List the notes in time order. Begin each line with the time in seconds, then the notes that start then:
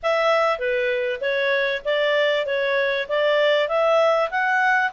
0.03 E5
0.58 B4
1.20 C#5
1.84 D5
2.45 C#5
3.08 D5
3.68 E5
4.30 F#5